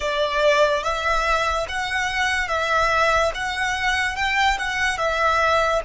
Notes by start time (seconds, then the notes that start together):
0.00 D5
0.83 E5
1.68 F#5
2.48 E5
3.34 F#5
4.16 G5
4.58 F#5
4.97 E5